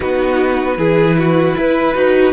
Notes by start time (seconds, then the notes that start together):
0.00 B3 D#4 F#4 B4
0.77 E3 E4 G#4
1.18 F#4
1.57 E4 B4
1.94 D#4 F#4